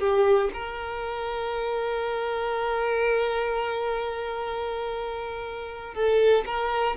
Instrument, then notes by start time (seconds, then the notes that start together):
violin
0.00 G4
0.54 A#4
5.94 A4
6.46 A#4